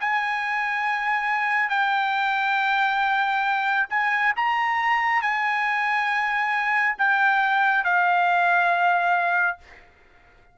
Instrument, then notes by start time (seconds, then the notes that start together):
trumpet
0.00 G#5
1.69 G5
3.90 G#5
4.36 A#5
5.22 G#5
6.98 G5
7.84 F5